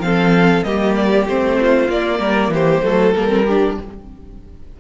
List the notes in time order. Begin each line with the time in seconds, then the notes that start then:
0.00 F3 C4 A4 F5
0.64 G3 A#3 G4 D#5
0.96 D5
1.26 A3 C4 C5
1.61 F4
1.89 A#3 D5
2.19 G3 A#4
2.49 E3 G4 C5
2.83 F#3 A3 A4
3.14 G3 A#3 A#4
3.29 C4
3.45 D4 G4